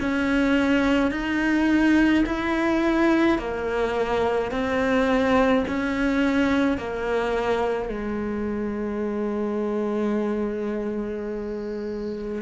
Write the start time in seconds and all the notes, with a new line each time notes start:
0.00 C#4
1.11 D#4
2.26 E4
3.38 A#3
4.51 C4
5.68 C#4
6.78 A#3
7.89 G#3